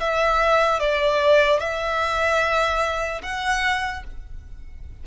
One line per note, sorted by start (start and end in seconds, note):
0.00 0.80 E5
0.80 1.60 D5
1.60 3.22 E5
3.22 4.04 F#5